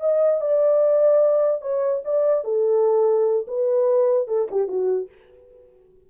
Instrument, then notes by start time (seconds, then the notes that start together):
horn
0.00 D#5
0.41 D5
1.61 C#5
2.04 D5
2.44 A4
3.47 B4
4.27 A4
4.51 G4
4.68 F#4